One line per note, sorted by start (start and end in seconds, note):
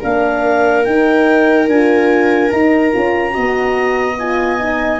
0.00 0.86 A#3
0.00 0.85 D4
0.00 3.33 A#4
0.00 0.85 F5
0.85 1.68 D#4
0.85 1.68 G5
1.68 2.51 D4
1.68 2.52 F4
1.68 2.51 G#5
2.51 2.94 D#4
2.51 2.93 D#4
2.51 4.18 A#5
2.93 3.36 C#4
2.93 3.30 F4
3.30 5.00 B3
3.30 4.14 F#4
3.30 5.00 D#5
4.19 4.59 F4
4.19 5.00 G#5
4.59 5.00 D#4